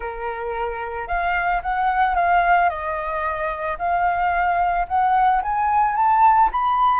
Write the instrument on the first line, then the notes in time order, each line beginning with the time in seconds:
flute
0.00 A#4
1.07 F5
1.62 F#5
2.15 F5
2.69 D#5
3.78 F5
4.88 F#5
5.42 G#5
5.95 A5
6.51 B5